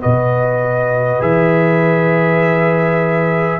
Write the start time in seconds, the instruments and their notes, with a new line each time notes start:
0.00 tuba B2, trombone F#4, horn B4, trumpet D#5
1.20 tuba E3, trombone G#4, trumpet E5